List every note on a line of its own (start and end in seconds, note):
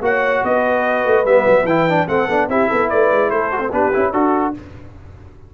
0.00 0.41 A#3
0.00 1.25 F#4
0.00 0.44 C#5
0.00 0.44 F#5
0.43 1.04 B3
0.43 2.07 B4
0.43 1.25 D#5
1.04 1.25 A3
1.25 1.45 G3
1.25 1.66 B3
1.25 1.66 E5
1.46 1.64 F#3
1.64 2.05 E3
1.64 1.89 E4
1.64 2.07 G5
1.89 2.08 D4
2.07 2.28 A3
2.07 2.28 C4
2.07 2.48 A4
2.07 2.49 F#5
2.28 2.47 B3
2.28 2.49 D4
2.47 2.68 C4
2.47 3.51 E4
2.47 2.69 G4
2.47 2.89 E5
2.69 2.91 B3
2.69 2.89 A4
2.89 3.11 A3
2.89 3.30 B4
2.89 3.30 D5
3.11 3.30 G#3
3.30 3.72 A3
3.30 3.72 A4
3.30 3.71 C5
3.51 3.58 F#4
3.58 3.69 C4
3.71 3.92 B3
3.71 3.92 D4
3.71 4.12 G4
3.71 4.12 B4
3.92 4.12 C#4
3.92 4.13 E4
4.12 4.53 D4
4.12 4.54 F#4
4.12 4.53 A4